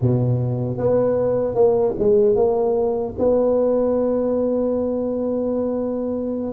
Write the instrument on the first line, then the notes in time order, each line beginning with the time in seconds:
tuba
0.01 B2
0.77 B3
1.54 A#3
1.98 G#3
2.35 A#3
3.18 B3